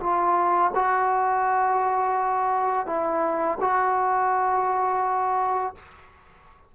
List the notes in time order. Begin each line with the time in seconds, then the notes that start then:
0.00 F4
0.75 F#4
2.86 E4
3.60 F#4